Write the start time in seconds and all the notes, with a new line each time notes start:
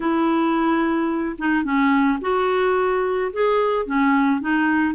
0.00 E4
1.38 D#4
1.63 C#4
2.21 F#4
3.33 G#4
3.85 C#4
4.40 D#4